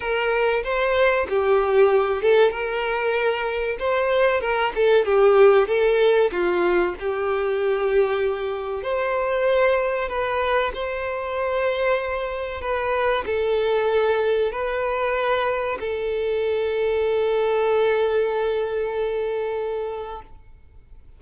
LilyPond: \new Staff \with { instrumentName = "violin" } { \time 4/4 \tempo 4 = 95 ais'4 c''4 g'4. a'8 | ais'2 c''4 ais'8 a'8 | g'4 a'4 f'4 g'4~ | g'2 c''2 |
b'4 c''2. | b'4 a'2 b'4~ | b'4 a'2.~ | a'1 | }